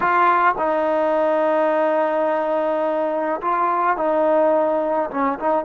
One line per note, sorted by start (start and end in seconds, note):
0.00 0.54 F4
0.57 3.40 D#4
3.41 3.96 F4
3.96 5.09 D#4
5.10 5.38 C#4
5.39 5.64 D#4